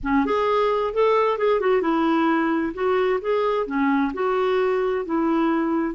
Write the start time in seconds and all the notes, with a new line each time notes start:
0.03 C#4
0.25 G#4
0.93 A4
1.37 G#4
1.60 F#4
1.81 E4
2.74 F#4
3.21 G#4
3.66 C#4
4.13 F#4
5.05 E4